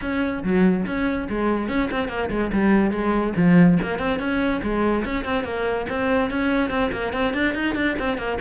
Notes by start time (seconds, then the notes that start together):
0.01 C#4
0.43 F#3
0.85 C#4
1.29 G#3
1.68 C#4
1.91 C4
2.08 A#3
2.30 G#3
2.52 G3
2.91 G#3
3.36 F3
3.82 A#3
3.99 C4
4.19 C#4
4.62 G#3
5.04 C#4
5.24 C4
5.43 A#3
5.89 C4
6.30 C#4
6.69 C4
6.92 A#3
7.13 C4
7.33 D4
7.54 D#4
7.75 D4
7.98 C4
8.17 A#3